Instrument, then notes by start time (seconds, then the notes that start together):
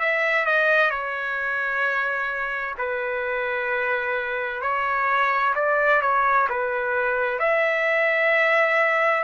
trumpet
0.00 E5
0.46 D#5
0.91 C#5
2.78 B4
4.62 C#5
5.56 D5
6.02 C#5
6.50 B4
7.40 E5